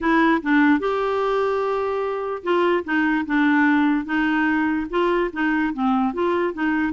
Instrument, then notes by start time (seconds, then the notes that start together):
clarinet
0.00 E4
0.42 D4
0.79 G4
2.43 F4
2.84 D#4
3.26 D4
4.05 D#4
4.90 F4
5.32 D#4
5.73 C4
6.13 F4
6.53 D#4